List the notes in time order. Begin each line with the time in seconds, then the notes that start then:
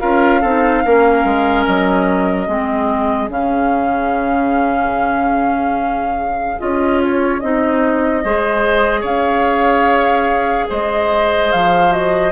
0.00 C#4 F4 A#4 F5
0.41 C4 D#4 A4
0.85 A#3 C#4 A#4
1.24 G#3
1.65 F#3 D#5
2.47 G#3 C4 G#4
3.29 C#3 C#4 F5
6.59 C#4 F4 D#5
7.03 C#5
7.40 C4 D#4 D#5
8.24 G#3 G#4 C5
9.01 C#4 C#5 F5
10.70 G#3 C5 D#5
11.52 F3 F5
11.90 F#4 D#5